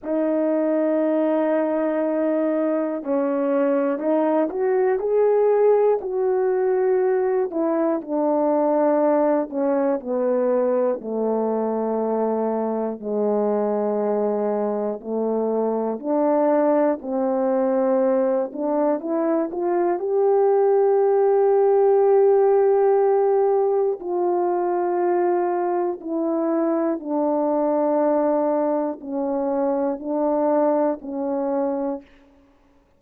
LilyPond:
\new Staff \with { instrumentName = "horn" } { \time 4/4 \tempo 4 = 60 dis'2. cis'4 | dis'8 fis'8 gis'4 fis'4. e'8 | d'4. cis'8 b4 a4~ | a4 gis2 a4 |
d'4 c'4. d'8 e'8 f'8 | g'1 | f'2 e'4 d'4~ | d'4 cis'4 d'4 cis'4 | }